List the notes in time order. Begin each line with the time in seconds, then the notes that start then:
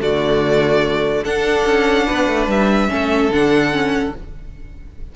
0.00 D3 A3 F#4 D5
1.24 D4 A4 F#5
1.65 C#4
2.06 B3 B4
2.27 A3
2.47 G3 E5
2.89 A3 C#4 A4
3.30 D3 D4 F#5
3.72 C#4